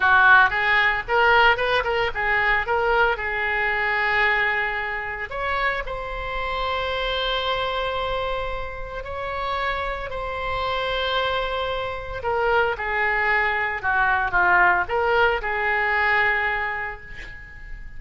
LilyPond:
\new Staff \with { instrumentName = "oboe" } { \time 4/4 \tempo 4 = 113 fis'4 gis'4 ais'4 b'8 ais'8 | gis'4 ais'4 gis'2~ | gis'2 cis''4 c''4~ | c''1~ |
c''4 cis''2 c''4~ | c''2. ais'4 | gis'2 fis'4 f'4 | ais'4 gis'2. | }